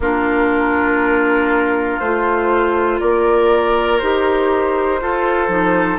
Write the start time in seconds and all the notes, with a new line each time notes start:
0.00 A#3 D4 F4 A#4
1.99 A3 F4 C5
3.00 A#3 A#4 D5
3.99 D#4 G4 C5
5.00 F4 A4
5.48 F3 D#4